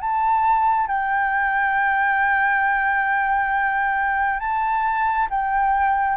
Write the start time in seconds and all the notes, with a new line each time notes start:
0.00 A5
0.87 G5
4.39 A5
5.29 G5